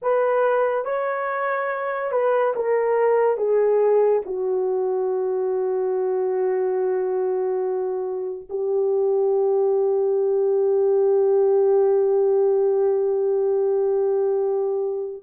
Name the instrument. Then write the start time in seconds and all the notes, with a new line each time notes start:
horn
0.02 B4
0.85 C#5
2.11 B4
2.55 A#4
3.37 G#4
4.25 F#4
8.49 G4